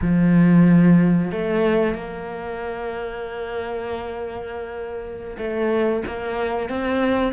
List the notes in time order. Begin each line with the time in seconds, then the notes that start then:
0.01 F3
1.31 A3
1.94 A#3
5.38 A3
6.06 A#3
6.69 C4